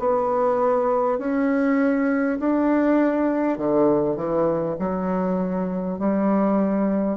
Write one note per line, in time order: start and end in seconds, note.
0.00 1.19 B3
1.19 2.39 C#4
2.40 3.58 D4
3.58 4.17 D3
4.17 4.77 E3
4.79 5.99 F#3
5.99 7.18 G3